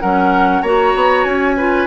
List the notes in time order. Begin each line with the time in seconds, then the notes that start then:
0.00 F#3 C#4 A#4 F#5
0.62 A#3 F#4 C#5 A#5
0.94 B3
1.24 C#4 G#5
1.57 F4 B4